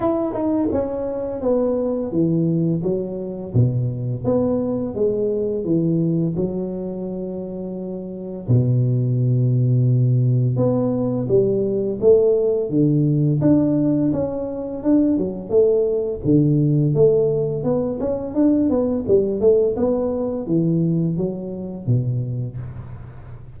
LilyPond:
\new Staff \with { instrumentName = "tuba" } { \time 4/4 \tempo 4 = 85 e'8 dis'8 cis'4 b4 e4 | fis4 b,4 b4 gis4 | e4 fis2. | b,2. b4 |
g4 a4 d4 d'4 | cis'4 d'8 fis8 a4 d4 | a4 b8 cis'8 d'8 b8 g8 a8 | b4 e4 fis4 b,4 | }